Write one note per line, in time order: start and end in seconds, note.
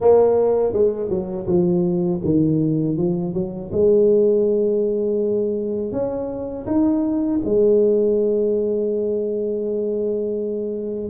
0.00 0.72 A#3
0.72 1.09 G#3
1.09 1.46 F#3
1.46 2.21 F3
2.24 2.97 D#3
2.97 3.33 F3
3.33 3.70 F#3
3.72 5.92 G#3
5.92 6.66 C#4
6.66 7.40 D#4
7.44 11.09 G#3